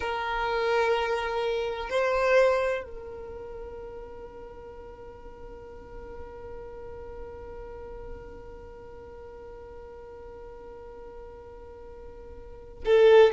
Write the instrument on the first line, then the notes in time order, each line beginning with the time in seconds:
violin
0.00 A#4
1.89 C5
2.84 A#4
12.85 A4